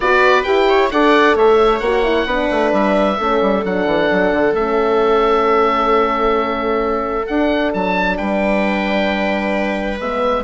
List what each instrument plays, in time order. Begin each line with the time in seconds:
0.00 bassoon B3, horn F#4, viola B4, oboe D5
0.43 bassoon E4, horn G4, oboe G5
0.68 viola C#5
0.91 bassoon D4, horn A4, viola D5, oboe F#5
1.35 bassoon A3, viola C#5, oboe E5
1.79 bassoon A#3, horn F#4, oboe F#5
2.03 horn E4
2.25 bassoon B3, horn D4, viola B4
2.50 bassoon A3
2.72 bassoon G3, oboe E5
3.17 bassoon A3, horn C#4, viola A4
3.41 bassoon G3
3.64 bassoon F#3, horn D4, oboe F#5
3.85 bassoon E3
4.12 bassoon F#3
4.32 bassoon D3
4.53 bassoon A3, horn C#4, oboe E5
7.26 horn D4, bassoon D4, oboe F#5
7.73 bassoon F#3, oboe A5
8.17 bassoon G3, viola B4, oboe G5
10.00 bassoon G#3, horn B3, oboe E5